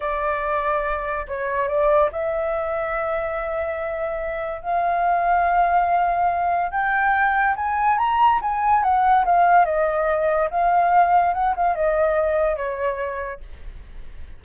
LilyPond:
\new Staff \with { instrumentName = "flute" } { \time 4/4 \tempo 4 = 143 d''2. cis''4 | d''4 e''2.~ | e''2. f''4~ | f''1 |
g''2 gis''4 ais''4 | gis''4 fis''4 f''4 dis''4~ | dis''4 f''2 fis''8 f''8 | dis''2 cis''2 | }